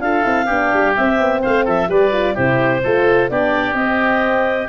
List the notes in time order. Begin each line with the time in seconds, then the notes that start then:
0.00 D4 F4 A4 F5
0.22 C4 E4
0.46 B3 D4 G4
0.74 G3
0.95 C4 E5
1.20 B3
1.42 A3 C5 F5
1.65 F3 A4 E5
1.88 G3 G4 B4 D5
2.13 F4
2.34 C3 E4 G4 C5
2.83 A3 F4 A4
3.30 B3 D4 G4 D5
3.74 C4 D#5